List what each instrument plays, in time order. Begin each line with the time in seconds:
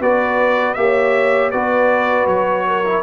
0.00 tuba B3, trombone F#4, horn B4, trumpet D5
0.74 tuba A#3, trombone G4, trumpet E5
0.81 horn C#5
1.51 tuba B3, trombone F#4, horn B4, trumpet D5
2.26 tuba F#3, trumpet C#5
2.67 horn A#4
2.84 trombone E4